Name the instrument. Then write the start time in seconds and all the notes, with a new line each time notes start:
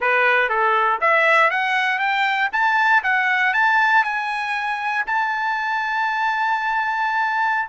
trumpet
0.00 B4
0.49 A4
1.00 E5
1.50 F#5
1.98 G5
2.52 A5
3.03 F#5
3.53 A5
4.04 G#5
5.06 A5